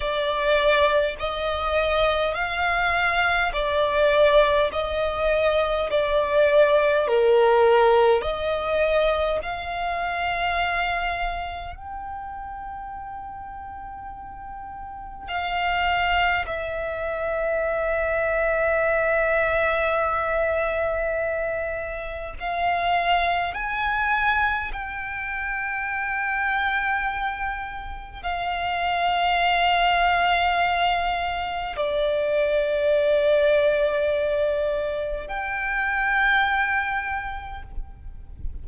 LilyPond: \new Staff \with { instrumentName = "violin" } { \time 4/4 \tempo 4 = 51 d''4 dis''4 f''4 d''4 | dis''4 d''4 ais'4 dis''4 | f''2 g''2~ | g''4 f''4 e''2~ |
e''2. f''4 | gis''4 g''2. | f''2. d''4~ | d''2 g''2 | }